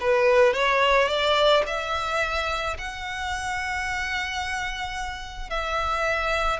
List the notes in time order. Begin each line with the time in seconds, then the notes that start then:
0.00 B4
0.53 C#5
1.08 D5
1.66 E5
2.78 F#5
5.49 E5